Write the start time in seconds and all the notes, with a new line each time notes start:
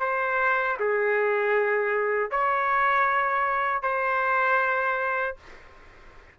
0.00 C5
0.79 G#4
2.31 C#5
3.82 C5